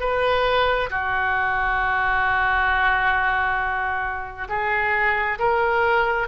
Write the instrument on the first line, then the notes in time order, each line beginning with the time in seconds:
oboe
0.00 B4
0.90 F#4
4.49 G#4
5.39 A#4